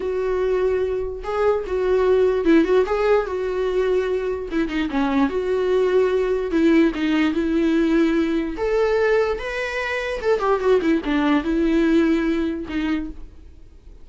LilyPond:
\new Staff \with { instrumentName = "viola" } { \time 4/4 \tempo 4 = 147 fis'2. gis'4 | fis'2 e'8 fis'8 gis'4 | fis'2. e'8 dis'8 | cis'4 fis'2. |
e'4 dis'4 e'2~ | e'4 a'2 b'4~ | b'4 a'8 g'8 fis'8 e'8 d'4 | e'2. dis'4 | }